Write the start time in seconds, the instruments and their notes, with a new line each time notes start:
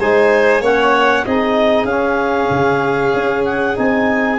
0.00 tuba G#3, trombone D#4, violin C5, clarinet G#5
0.61 tuba A#3, trombone C#4, violin C#5, clarinet F#5
1.26 tuba C4, trombone D#4, violin G#4, clarinet D#5
1.85 tuba C#4, trombone C#4, clarinet F5
2.50 tuba C#3
3.14 tuba C#4
3.45 clarinet F#5
3.75 tuba C4, trombone D#4, clarinet G#5